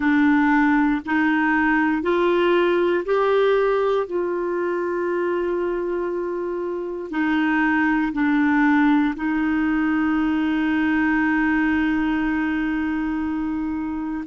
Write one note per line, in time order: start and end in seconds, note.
0.00 1.01 D4
1.05 2.02 D#4
2.02 3.04 F4
3.05 4.06 G4
4.06 7.10 F4
7.10 8.12 D#4
8.13 9.14 D4
9.16 14.24 D#4